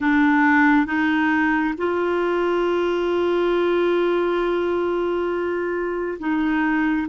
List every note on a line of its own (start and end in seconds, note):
0.00 0.86 D4
0.86 1.74 D#4
1.77 6.18 F4
6.19 7.07 D#4